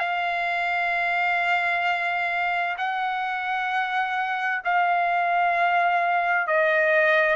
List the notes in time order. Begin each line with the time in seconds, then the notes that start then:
0.00 F5
2.78 F#5
4.65 F5
6.47 D#5